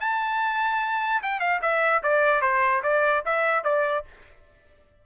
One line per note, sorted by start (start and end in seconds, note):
0.00 1.22 A5
1.22 1.40 G5
1.40 1.60 F5
1.62 2.02 E5
2.03 2.41 D5
2.41 2.82 C5
2.83 3.23 D5
3.25 3.64 E5
3.64 4.04 D5